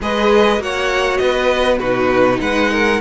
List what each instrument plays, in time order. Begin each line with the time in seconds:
0.01 cello G#3, viola G#4, violin B4 D#5
0.58 cello A#3, viola F#4, violin C#5 F#5
1.17 cello B3, violin B4 D#5
1.78 cello B2, viola D#4, violin F#4 B4
2.41 cello G#3, violin B4 F#5
2.71 violin A#4